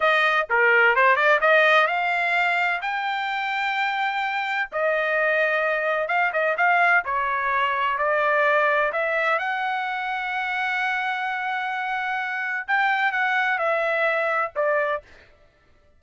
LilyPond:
\new Staff \with { instrumentName = "trumpet" } { \time 4/4 \tempo 4 = 128 dis''4 ais'4 c''8 d''8 dis''4 | f''2 g''2~ | g''2 dis''2~ | dis''4 f''8 dis''8 f''4 cis''4~ |
cis''4 d''2 e''4 | fis''1~ | fis''2. g''4 | fis''4 e''2 d''4 | }